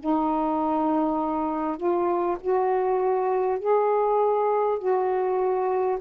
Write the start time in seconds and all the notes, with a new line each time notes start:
0.00 D#4
1.77 F4
2.41 F#4
3.59 G#4
4.79 F#4